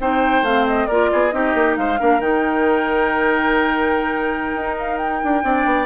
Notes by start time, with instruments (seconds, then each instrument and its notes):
0.00 bassoon C4, clarinet D#4, oboe C5, flute G5
0.42 bassoon A3, clarinet C4, flute F5
0.67 flute D#5
0.87 bassoon A#3, clarinet F4, oboe A#4, flute D5
1.12 bassoon B3, oboe G#4
1.30 bassoon C4, clarinet D#4, oboe G4, flute D#5
1.54 bassoon A#3
1.77 bassoon G#3, oboe C5, flute F5
1.98 bassoon A#3, clarinet D4, oboe A#4
2.20 bassoon D#3, clarinet D#4, flute G5
4.55 bassoon D#4
4.79 flute F5
4.97 flute G5
5.23 bassoon D4
5.43 bassoon C4, clarinet D4, oboe D5
5.65 bassoon B3